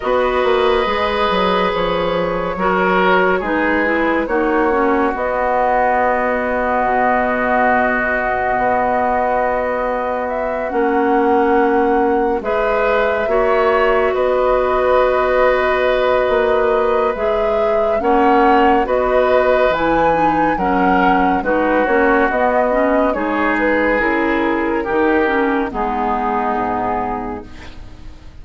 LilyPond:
<<
  \new Staff \with { instrumentName = "flute" } { \time 4/4 \tempo 4 = 70 dis''2 cis''2 | b'4 cis''4 dis''2~ | dis''1 | e''8 fis''2 e''4.~ |
e''8 dis''2.~ dis''8 | e''4 fis''4 dis''4 gis''4 | fis''4 b'8 cis''8 dis''4 cis''8 b'8 | ais'2 gis'2 | }
  \new Staff \with { instrumentName = "oboe" } { \time 4/4 b'2. ais'4 | gis'4 fis'2.~ | fis'1~ | fis'2~ fis'8 b'4 cis''8~ |
cis''8 b'2.~ b'8~ | b'4 cis''4 b'2 | ais'4 fis'2 gis'4~ | gis'4 g'4 dis'2 | }
  \new Staff \with { instrumentName = "clarinet" } { \time 4/4 fis'4 gis'2 fis'4 | dis'8 e'8 dis'8 cis'8 b2~ | b1~ | b8 cis'2 gis'4 fis'8~ |
fis'1 | gis'4 cis'4 fis'4 e'8 dis'8 | cis'4 dis'8 cis'8 b8 cis'8 dis'4 | e'4 dis'8 cis'8 b2 | }
  \new Staff \with { instrumentName = "bassoon" } { \time 4/4 b8 ais8 gis8 fis8 f4 fis4 | gis4 ais4 b2 | b,2 b2~ | b8 ais2 gis4 ais8~ |
ais8 b2~ b8 ais4 | gis4 ais4 b4 e4 | fis4 gis8 ais8 b4 gis4 | cis4 dis4 gis4 gis,4 | }
>>